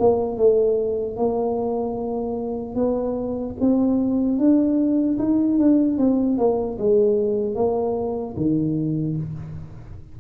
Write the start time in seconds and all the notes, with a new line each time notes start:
0.00 A#3
0.37 A3
1.17 A#3
2.76 B3
3.60 C4
4.39 D4
5.19 D#4
5.59 D4
5.98 C4
6.38 A#3
6.79 G#3
7.55 A#3
8.37 D#3